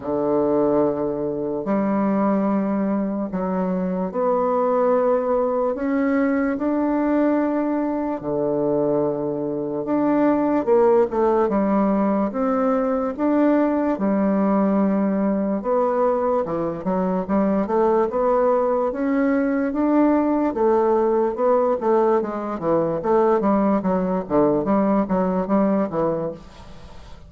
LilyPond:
\new Staff \with { instrumentName = "bassoon" } { \time 4/4 \tempo 4 = 73 d2 g2 | fis4 b2 cis'4 | d'2 d2 | d'4 ais8 a8 g4 c'4 |
d'4 g2 b4 | e8 fis8 g8 a8 b4 cis'4 | d'4 a4 b8 a8 gis8 e8 | a8 g8 fis8 d8 g8 fis8 g8 e8 | }